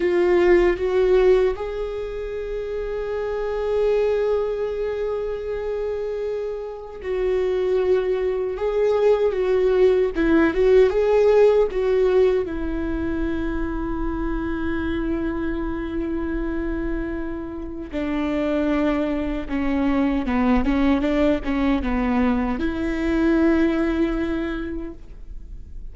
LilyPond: \new Staff \with { instrumentName = "viola" } { \time 4/4 \tempo 4 = 77 f'4 fis'4 gis'2~ | gis'1~ | gis'4 fis'2 gis'4 | fis'4 e'8 fis'8 gis'4 fis'4 |
e'1~ | e'2. d'4~ | d'4 cis'4 b8 cis'8 d'8 cis'8 | b4 e'2. | }